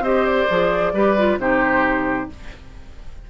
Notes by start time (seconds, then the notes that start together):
0.00 C4 G4 C5 D#5
0.26 D5
0.50 F3 G#4
0.93 G3 G4 B4
1.18 F4
1.38 C3 D#4 G4 C5